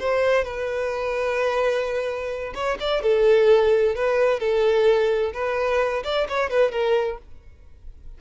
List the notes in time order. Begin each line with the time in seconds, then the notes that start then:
0.00 C5
0.45 B4
2.55 C#5
2.81 D5
3.03 A4
3.96 B4
4.40 A4
5.34 B4
6.04 D5
6.29 C#5
6.50 B4
6.72 A#4